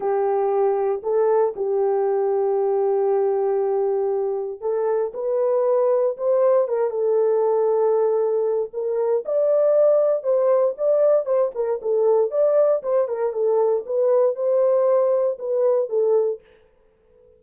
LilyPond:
\new Staff \with { instrumentName = "horn" } { \time 4/4 \tempo 4 = 117 g'2 a'4 g'4~ | g'1~ | g'4 a'4 b'2 | c''4 ais'8 a'2~ a'8~ |
a'4 ais'4 d''2 | c''4 d''4 c''8 ais'8 a'4 | d''4 c''8 ais'8 a'4 b'4 | c''2 b'4 a'4 | }